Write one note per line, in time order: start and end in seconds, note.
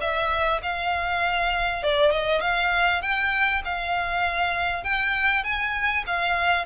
0.00 0.61 E5
0.62 1.83 F5
1.83 2.11 D5
2.11 2.41 D#5
2.41 3.01 F5
3.01 3.62 G5
3.64 4.83 F5
4.83 5.43 G5
5.43 6.04 G#5
6.06 6.65 F5